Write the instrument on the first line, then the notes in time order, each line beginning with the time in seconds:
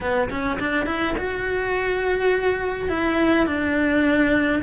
cello
0.00 B3
0.30 C#4
0.59 D4
0.85 E4
1.17 F#4
2.89 E4
3.46 D4